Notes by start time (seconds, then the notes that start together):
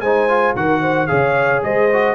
0.00 G#3 D#4 C5 G#5
0.29 F4
0.55 D#3 F#4 A#4 F#5
0.81 C5
1.07 C#3 G#4 C#5 F5
1.63 G#3 C5 D#5
1.93 F#4